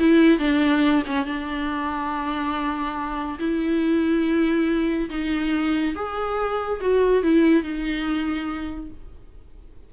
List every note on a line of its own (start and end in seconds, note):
0.00 0.39 E4
0.39 1.03 D4
1.07 1.26 C#4
1.26 3.39 D4
3.39 5.09 E4
5.10 5.95 D#4
5.96 6.81 G#4
6.81 7.23 F#4
7.23 7.63 E4
7.63 8.91 D#4